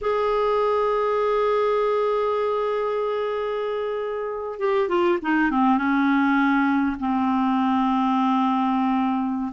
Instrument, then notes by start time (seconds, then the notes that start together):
clarinet
0.01 G#4
4.59 G4
4.88 F4
5.21 D#4
5.50 C4
5.77 C#4
6.99 C4